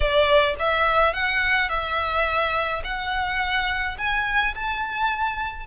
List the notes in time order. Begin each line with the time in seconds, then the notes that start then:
0.00 D5
0.59 E5
1.13 F#5
1.69 E5
2.84 F#5
3.98 G#5
4.54 A5